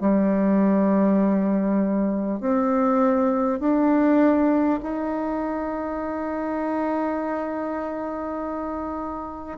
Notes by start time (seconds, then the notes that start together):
0.00 G3
2.40 C4
3.59 D4
4.83 D#4